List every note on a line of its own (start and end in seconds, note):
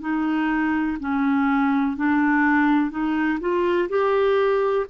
0.00 0.97 D#4
0.99 1.96 C#4
1.96 2.90 D4
2.90 3.38 D#4
3.40 3.88 F4
3.89 4.86 G4